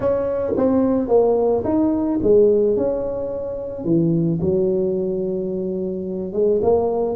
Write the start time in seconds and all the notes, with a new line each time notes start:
0.00 C#4
0.56 C4
1.08 A#3
1.64 D#4
2.22 G#3
2.76 C#4
3.84 E3
4.40 F#3
6.32 G#3
6.62 A#3